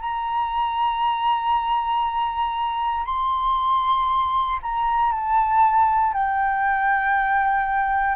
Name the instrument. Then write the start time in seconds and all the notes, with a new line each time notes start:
flute
0.00 A#5
3.06 C6
4.62 A#5
5.12 A5
6.13 G5